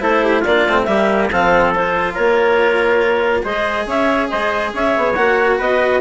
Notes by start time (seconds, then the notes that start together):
0.00 A3 E4 A4 C5
0.23 G4
0.40 A#3 F4 D5
0.47 D4
0.67 A3 C4
0.84 G3 A#3 G4 E5
1.31 F3 C4 A4 F5
1.74 F4 C5
2.14 A#3 A#4 C#5
3.42 G#3 G#4 C5 D#5
3.86 C#4 C#5 E5
4.29 G#3 C5 D#5
4.73 C#4 C#5 E5
4.97 B3
5.14 A#3 F#4 F#5
5.58 B3 B4 D#5